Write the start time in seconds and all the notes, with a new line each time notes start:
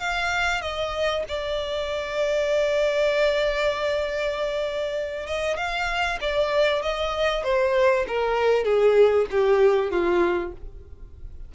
0.00 F5
0.62 D#5
1.29 D5
5.27 D#5
5.57 F5
6.21 D5
6.83 D#5
7.44 C5
8.08 A#4
8.65 G#4
9.31 G4
9.91 F4